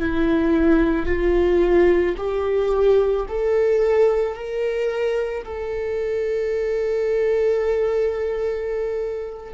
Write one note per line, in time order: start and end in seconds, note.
0.00 1.07 E4
1.07 2.16 F4
2.18 3.27 G4
3.29 4.35 A4
4.35 5.44 A#4
5.45 9.54 A4